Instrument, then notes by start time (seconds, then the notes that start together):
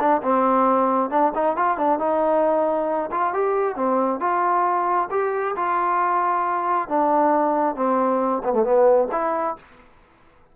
trombone
0.00 D4
0.23 C4
1.11 D4
1.35 D#4
1.57 F4
1.78 D4
2.00 D#4
3.12 F4
3.34 G4
3.76 C4
4.21 F4
5.11 G4
5.56 F4
6.89 D4
7.76 C4
8.44 B3
8.54 A3
8.64 B3
9.12 E4